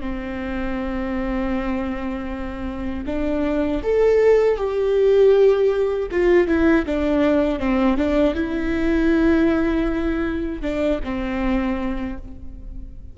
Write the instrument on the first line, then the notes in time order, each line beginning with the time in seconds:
viola
0.00 C4
3.06 D4
3.83 A4
4.57 G4
6.11 F4
6.47 E4
6.86 D4
7.59 C4
7.97 D4
8.34 E4
10.62 D4
11.04 C4